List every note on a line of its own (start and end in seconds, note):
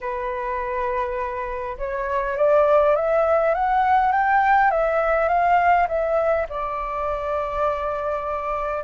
0.00 1.77 B4
1.78 2.36 C#5
2.37 2.95 D5
2.95 3.54 E5
3.54 4.12 F#5
4.12 4.70 G5
4.70 5.28 E5
5.28 5.87 F5
5.87 6.46 E5
6.49 8.83 D5